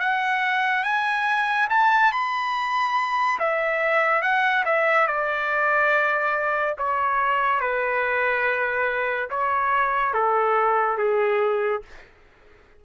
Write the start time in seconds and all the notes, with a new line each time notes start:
0.00 F#5
0.84 G#5
1.70 A5
2.12 B5
3.40 E5
4.23 F#5
4.66 E5
5.07 D5
6.78 C#5
7.61 B4
9.31 C#5
10.14 A4
10.98 G#4